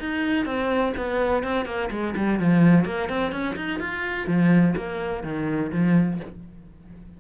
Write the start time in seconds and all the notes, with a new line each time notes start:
0.00 D#4
0.45 C4
0.97 B3
1.44 C4
1.66 A#3
1.91 G#3
2.17 G3
2.40 F3
2.85 A#3
3.09 C4
3.32 C#4
3.56 D#4
3.80 F4
4.27 F3
4.77 A#3
5.24 D#3
5.72 F3